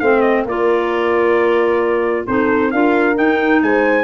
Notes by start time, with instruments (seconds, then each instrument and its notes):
0.00 tuba A3, clarinet C4, horn C5, trumpet F5
0.21 trumpet D#5
0.45 tuba A#3, clarinet F4, horn A#4, trumpet D5
2.27 tuba C4, clarinet D#4, horn A4, trumpet C5
2.71 tuba D4, clarinet F4, horn A#4, trumpet F5
3.15 clarinet D#4, tuba D#4, trumpet G5
3.62 tuba G#3, horn C5, trumpet G#5